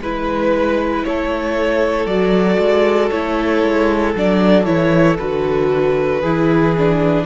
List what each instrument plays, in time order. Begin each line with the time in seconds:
0.00 cello G#3, viola E4, violin B4
1.04 cello A3, violin A4 C#5
2.05 cello F#3, viola F#4, violin D5
2.58 cello G#3
3.10 cello A3, viola E4, violin C#5
3.63 cello G#3
4.15 cello F#3, viola D4, violin D5
4.64 cello E3, viola E4, violin C#5
5.18 cello D3, viola F#4, violin B4
6.21 cello E3, viola E4, violin G#4
6.78 viola D4